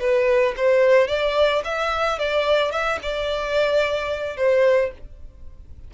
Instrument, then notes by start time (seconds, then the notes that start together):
violin
0.00 B4
0.57 C5
1.08 D5
1.65 E5
2.19 D5
2.72 E5
3.03 D5
4.37 C5